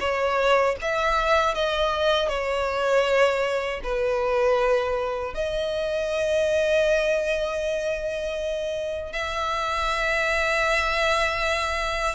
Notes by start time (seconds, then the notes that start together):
0.00 C#5
0.82 E5
1.55 D#5
2.29 C#5
3.84 B4
5.34 D#5
9.13 E5